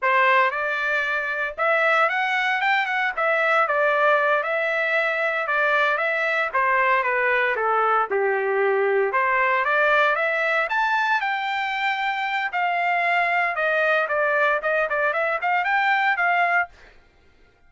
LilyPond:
\new Staff \with { instrumentName = "trumpet" } { \time 4/4 \tempo 4 = 115 c''4 d''2 e''4 | fis''4 g''8 fis''8 e''4 d''4~ | d''8 e''2 d''4 e''8~ | e''8 c''4 b'4 a'4 g'8~ |
g'4. c''4 d''4 e''8~ | e''8 a''4 g''2~ g''8 | f''2 dis''4 d''4 | dis''8 d''8 e''8 f''8 g''4 f''4 | }